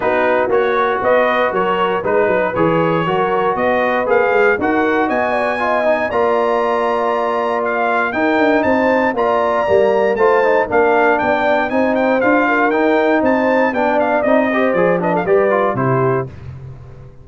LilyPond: <<
  \new Staff \with { instrumentName = "trumpet" } { \time 4/4 \tempo 4 = 118 b'4 cis''4 dis''4 cis''4 | b'4 cis''2 dis''4 | f''4 fis''4 gis''2 | ais''2. f''4 |
g''4 a''4 ais''2 | a''4 f''4 g''4 gis''8 g''8 | f''4 g''4 a''4 g''8 f''8 | dis''4 d''8 dis''16 f''16 d''4 c''4 | }
  \new Staff \with { instrumentName = "horn" } { \time 4/4 fis'2 b'4 ais'4 | b'2 ais'4 b'4~ | b'4 ais'4 dis''8 d''8 dis''4 | d''1 |
ais'4 c''4 d''2 | c''4 ais'4 d''4 c''4~ | c''8 ais'4. c''4 d''4~ | d''8 c''4 b'16 a'16 b'4 g'4 | }
  \new Staff \with { instrumentName = "trombone" } { \time 4/4 dis'4 fis'2. | dis'4 gis'4 fis'2 | gis'4 fis'2 f'8 dis'8 | f'1 |
dis'2 f'4 ais4 | f'8 dis'8 d'2 dis'4 | f'4 dis'2 d'4 | dis'8 g'8 gis'8 d'8 g'8 f'8 e'4 | }
  \new Staff \with { instrumentName = "tuba" } { \time 4/4 b4 ais4 b4 fis4 | gis8 fis8 e4 fis4 b4 | ais8 gis8 dis'4 b2 | ais1 |
dis'8 d'8 c'4 ais4 g4 | a4 ais4 b4 c'4 | d'4 dis'4 c'4 b4 | c'4 f4 g4 c4 | }
>>